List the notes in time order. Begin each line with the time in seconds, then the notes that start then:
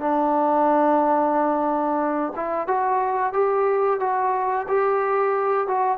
0.00 D4
2.36 E4
2.68 F#4
3.33 G4
4.00 F#4
4.68 G4
5.68 F#4